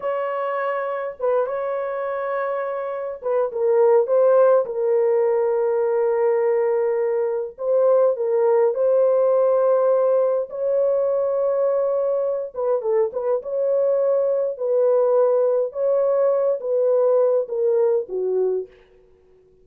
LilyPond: \new Staff \with { instrumentName = "horn" } { \time 4/4 \tempo 4 = 103 cis''2 b'8 cis''4.~ | cis''4. b'8 ais'4 c''4 | ais'1~ | ais'4 c''4 ais'4 c''4~ |
c''2 cis''2~ | cis''4. b'8 a'8 b'8 cis''4~ | cis''4 b'2 cis''4~ | cis''8 b'4. ais'4 fis'4 | }